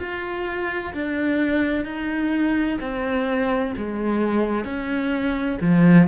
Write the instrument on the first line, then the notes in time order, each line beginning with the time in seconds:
cello
0.00 F4
0.94 D4
1.85 D#4
2.81 C4
3.77 G#3
4.65 C#4
5.61 F3